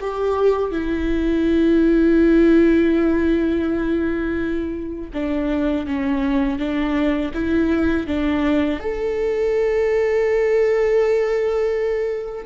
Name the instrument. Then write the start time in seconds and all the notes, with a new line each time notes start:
viola
0.00 G4
0.71 E4
5.14 D4
5.87 C#4
6.59 D4
7.34 E4
8.07 D4
8.80 A4